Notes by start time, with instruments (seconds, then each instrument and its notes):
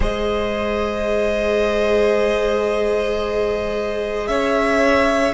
0.00 cello G#3, viola G#4, violin C5 D#5
4.27 cello C#4, violin C#5 E5